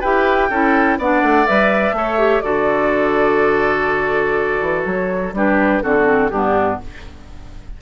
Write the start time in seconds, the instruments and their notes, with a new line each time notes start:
0.00 bassoon E4, clarinet G4, oboe B4, flute G5
0.49 bassoon C#4, clarinet E4, oboe A4
0.98 bassoon B3, clarinet D4, oboe D5, flute F#5
1.22 bassoon A3
1.46 bassoon G3, clarinet B4, flute E5
1.92 bassoon A3, clarinet A4, oboe C#5
2.18 clarinet G4
2.41 bassoon D3, clarinet F#4, oboe A4, flute D5
4.61 bassoon E3
4.85 bassoon F#3, flute C#5
5.33 bassoon G3, clarinet D4, oboe G4, flute B4
5.82 bassoon D3, clarinet C4, oboe F#4, flute A4
5.95 clarinet B3
6.05 clarinet C4
6.30 bassoon G2, clarinet B3, oboe D4, flute G4